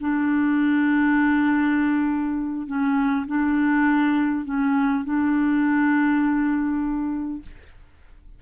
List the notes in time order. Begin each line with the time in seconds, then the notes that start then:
0.00 D4
2.66 C#4
3.26 D4
4.44 C#4
5.04 D4